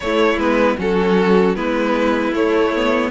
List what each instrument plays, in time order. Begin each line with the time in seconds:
0.00 cello A3, viola A3, violin E4 C#5
0.36 cello G#3, viola B3, violin B4
0.77 cello F#3, viola C#4, violin F#4 A4
1.55 cello G#3, viola B3, violin E4 B4
2.32 cello A3, viola A3, violin C#5
2.74 viola B3